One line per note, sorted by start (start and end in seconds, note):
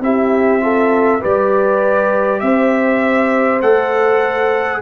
0.00 1.20 C4
0.00 0.60 E4
0.00 0.62 G4
0.00 1.23 E5
0.60 1.20 F4
0.60 1.20 A4
1.20 2.42 G3
1.20 3.60 G4
1.20 2.40 B4
1.20 2.40 D5
2.40 3.62 C4
2.40 4.82 C5
2.40 3.60 E5
3.61 4.82 A3
3.61 4.82 A4
3.61 4.81 F#5